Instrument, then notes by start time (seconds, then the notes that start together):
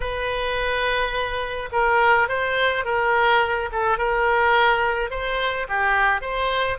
oboe
0.00 B4
1.72 A#4
2.28 C5
2.84 A#4
3.72 A4
3.98 A#4
5.10 C5
5.68 G4
6.21 C5